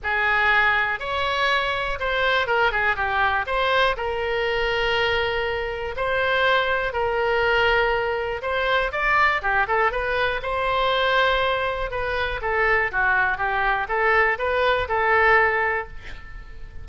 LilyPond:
\new Staff \with { instrumentName = "oboe" } { \time 4/4 \tempo 4 = 121 gis'2 cis''2 | c''4 ais'8 gis'8 g'4 c''4 | ais'1 | c''2 ais'2~ |
ais'4 c''4 d''4 g'8 a'8 | b'4 c''2. | b'4 a'4 fis'4 g'4 | a'4 b'4 a'2 | }